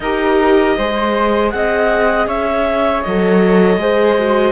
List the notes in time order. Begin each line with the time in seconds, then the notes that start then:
0.00 D#4 G4 A#4 D#5
0.77 G#3 G#4 C5
1.50 C4 D#5 F#5
2.26 C#4 C#5 E5
3.02 F#3 A4 D#5
3.77 G#3 G#4 C5
4.18 F#4